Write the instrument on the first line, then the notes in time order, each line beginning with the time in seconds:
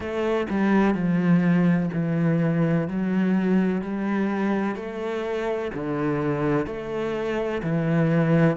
cello
0.00 A3
0.50 G3
0.94 F3
1.93 E3
2.87 F#3
3.81 G3
4.75 A3
5.74 D3
6.66 A3
7.62 E3